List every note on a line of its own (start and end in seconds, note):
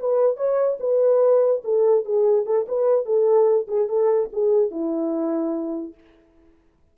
0.00 0.37 B4
0.37 0.78 C#5
0.80 1.62 B4
1.64 2.05 A4
2.05 2.46 G#4
2.46 2.66 A4
2.68 3.05 B4
3.05 3.67 A4
3.68 3.89 G#4
3.89 4.30 A4
4.33 4.71 G#4
4.71 5.94 E4